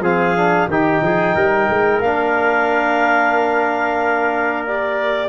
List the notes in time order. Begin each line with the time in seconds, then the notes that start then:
0.00 F3 C4 G#4 F5
0.36 D4
0.67 D#3 D#4 G4 G5
1.02 F3 G#4
1.34 G3 A#4
1.69 G#3
1.99 A#3 D4 F5
4.66 G4 D5